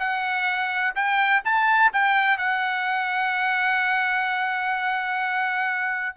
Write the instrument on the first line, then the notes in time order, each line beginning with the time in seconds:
trumpet
0.00 F#5
0.96 G5
1.45 A5
1.93 G5
2.38 F#5